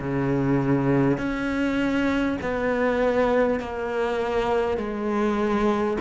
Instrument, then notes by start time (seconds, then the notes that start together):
cello
0.00 C#3
1.18 C#4
2.42 B3
3.59 A#3
4.77 G#3